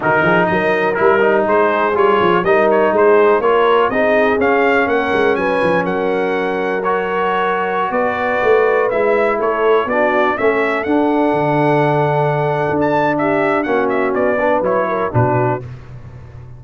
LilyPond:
<<
  \new Staff \with { instrumentName = "trumpet" } { \time 4/4 \tempo 4 = 123 ais'4 dis''4 ais'4 c''4 | cis''4 dis''8 cis''8 c''4 cis''4 | dis''4 f''4 fis''4 gis''4 | fis''2 cis''2~ |
cis''16 d''2 e''4 cis''8.~ | cis''16 d''4 e''4 fis''4.~ fis''16~ | fis''2~ fis''16 a''8. e''4 | fis''8 e''8 d''4 cis''4 b'4 | }
  \new Staff \with { instrumentName = "horn" } { \time 4/4 fis'8 gis'8 ais'2 gis'4~ | gis'4 ais'4 gis'4 ais'4 | gis'2 ais'4 b'4 | ais'1~ |
ais'16 b'2. a'8.~ | a'16 fis'4 a'2~ a'8.~ | a'2. g'4 | fis'4. b'4 ais'8 fis'4 | }
  \new Staff \with { instrumentName = "trombone" } { \time 4/4 dis'2 e'8 dis'4. | f'4 dis'2 f'4 | dis'4 cis'2.~ | cis'2 fis'2~ |
fis'2~ fis'16 e'4.~ e'16~ | e'16 d'4 cis'4 d'4.~ d'16~ | d'1 | cis'4. d'8 e'4 d'4 | }
  \new Staff \with { instrumentName = "tuba" } { \time 4/4 dis8 f8 fis4 g4 gis4 | g8 f8 g4 gis4 ais4 | c'4 cis'4 ais8 gis8 fis8 f8 | fis1~ |
fis16 b4 a4 gis4 a8.~ | a16 b4 a4 d'4 d8.~ | d2 d'2 | ais4 b4 fis4 b,4 | }
>>